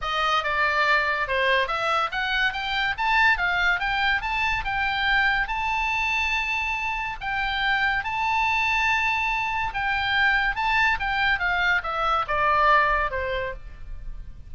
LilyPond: \new Staff \with { instrumentName = "oboe" } { \time 4/4 \tempo 4 = 142 dis''4 d''2 c''4 | e''4 fis''4 g''4 a''4 | f''4 g''4 a''4 g''4~ | g''4 a''2.~ |
a''4 g''2 a''4~ | a''2. g''4~ | g''4 a''4 g''4 f''4 | e''4 d''2 c''4 | }